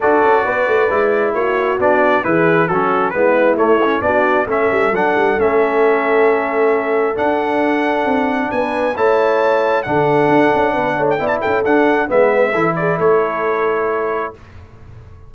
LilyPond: <<
  \new Staff \with { instrumentName = "trumpet" } { \time 4/4 \tempo 4 = 134 d''2. cis''4 | d''4 b'4 a'4 b'4 | cis''4 d''4 e''4 fis''4 | e''1 |
fis''2. gis''4 | a''2 fis''2~ | fis''8. g''8 a''16 g''8 fis''4 e''4~ | e''8 d''8 cis''2. | }
  \new Staff \with { instrumentName = "horn" } { \time 4/4 a'4 b'2 fis'4~ | fis'4 gis'4 fis'4 e'4~ | e'4 fis'4 a'2~ | a'1~ |
a'2. b'4 | cis''2 a'2 | b'8 cis''8 d''8 a'4. b'4 | a'8 gis'8 a'2. | }
  \new Staff \with { instrumentName = "trombone" } { \time 4/4 fis'2 e'2 | d'4 e'4 cis'4 b4 | a8 cis'8 d'4 cis'4 d'4 | cis'1 |
d'1 | e'2 d'2~ | d'4 e'4 d'4 b4 | e'1 | }
  \new Staff \with { instrumentName = "tuba" } { \time 4/4 d'8 cis'8 b8 a8 gis4 ais4 | b4 e4 fis4 gis4 | a4 b4 a8 g8 fis8 g8 | a1 |
d'2 c'4 b4 | a2 d4 d'8 cis'8 | b8 a8 b8 cis'8 d'4 gis4 | e4 a2. | }
>>